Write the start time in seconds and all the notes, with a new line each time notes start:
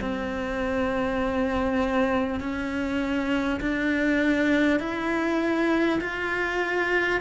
0.00 C4
2.40 C#4
3.61 D4
4.80 E4
6.01 F4